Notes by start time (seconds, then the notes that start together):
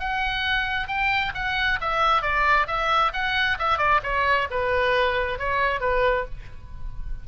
0.00 F#5
0.88 G5
1.35 F#5
1.81 E5
2.22 D5
2.68 E5
3.13 F#5
3.59 E5
3.78 D5
4.04 C#5
4.51 B4
5.39 C#5
5.81 B4